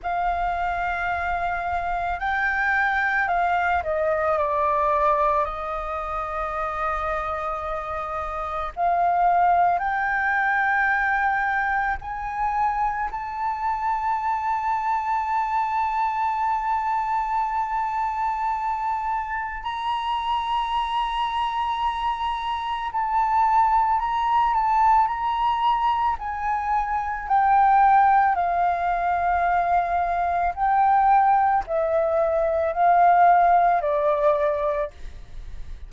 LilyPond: \new Staff \with { instrumentName = "flute" } { \time 4/4 \tempo 4 = 55 f''2 g''4 f''8 dis''8 | d''4 dis''2. | f''4 g''2 gis''4 | a''1~ |
a''2 ais''2~ | ais''4 a''4 ais''8 a''8 ais''4 | gis''4 g''4 f''2 | g''4 e''4 f''4 d''4 | }